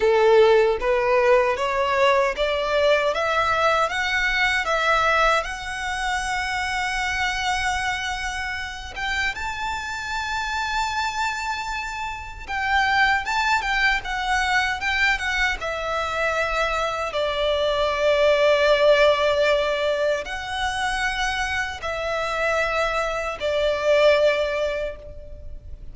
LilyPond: \new Staff \with { instrumentName = "violin" } { \time 4/4 \tempo 4 = 77 a'4 b'4 cis''4 d''4 | e''4 fis''4 e''4 fis''4~ | fis''2.~ fis''8 g''8 | a''1 |
g''4 a''8 g''8 fis''4 g''8 fis''8 | e''2 d''2~ | d''2 fis''2 | e''2 d''2 | }